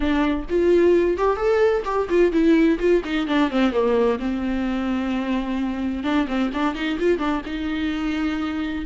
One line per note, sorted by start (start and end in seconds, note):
0.00 0.45 D4
0.49 1.17 F4
1.17 1.36 G4
1.36 1.83 A4
1.85 2.08 G4
2.09 2.32 F4
2.32 2.78 E4
2.79 3.02 F4
3.04 3.27 D#4
3.27 3.50 D4
3.50 3.72 C4
3.72 4.18 A#3
4.19 6.03 C4
6.03 6.27 D4
6.27 6.50 C4
6.53 6.74 D4
6.74 6.98 D#4
6.99 7.18 F4
7.18 7.41 D4
7.45 8.85 D#4